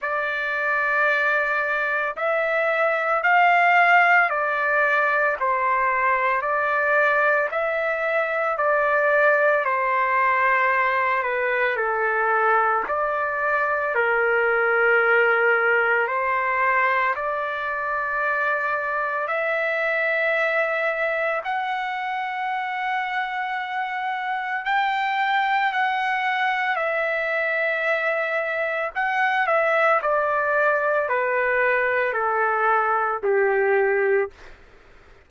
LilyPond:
\new Staff \with { instrumentName = "trumpet" } { \time 4/4 \tempo 4 = 56 d''2 e''4 f''4 | d''4 c''4 d''4 e''4 | d''4 c''4. b'8 a'4 | d''4 ais'2 c''4 |
d''2 e''2 | fis''2. g''4 | fis''4 e''2 fis''8 e''8 | d''4 b'4 a'4 g'4 | }